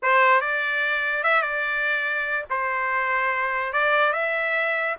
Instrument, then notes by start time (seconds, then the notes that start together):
trumpet
0.02 C5
0.40 D5
1.23 E5
1.42 D5
2.50 C5
3.72 D5
4.12 E5